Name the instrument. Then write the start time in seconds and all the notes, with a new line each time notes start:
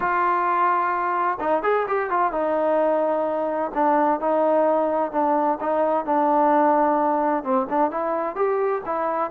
trombone
0.00 F4
1.40 D#4
1.63 G#4
1.87 G4
2.10 F4
2.32 D#4
3.74 D4
4.20 D#4
5.11 D4
5.60 D#4
6.05 D4
7.43 C4
7.69 D4
7.90 E4
8.35 G4
8.85 E4